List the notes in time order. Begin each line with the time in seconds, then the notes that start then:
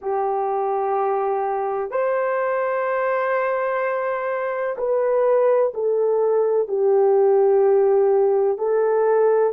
0.01 G4
1.90 C5
4.77 B4
5.74 A4
6.68 G4
8.58 A4